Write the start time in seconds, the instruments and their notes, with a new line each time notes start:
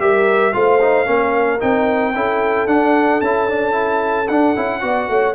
0.00 tuba G3, trombone G4, horn A#4, trumpet E5
0.53 tuba A3, trombone F4, horn C5, trumpet F5
0.81 trombone D#4
1.06 tuba A#3, trombone C#4, horn A#4
1.60 tuba C4, trombone D#4, trumpet G5
2.15 tuba C#4, trombone E4, horn A4
2.67 tuba D4, trombone D4, trumpet F#5
3.21 tuba C#4, trombone E4, trumpet A5
3.49 trombone D4
3.72 trombone E4
4.28 tuba D4, trombone D4, trumpet F#5
4.56 tuba C#4, trombone E4
4.81 tuba B3, trombone F#4, horn D5
5.09 tuba A3, horn C#5